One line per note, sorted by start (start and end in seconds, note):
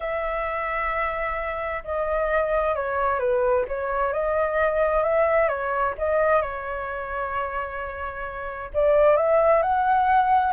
0.00 1.83 E5
1.84 2.75 D#5
2.75 3.19 C#5
3.19 3.65 B4
3.67 4.12 C#5
4.12 5.03 D#5
5.03 5.48 E5
5.48 5.94 C#5
5.98 6.41 D#5
6.41 8.70 C#5
8.73 9.16 D5
9.16 9.62 E5
9.62 10.52 F#5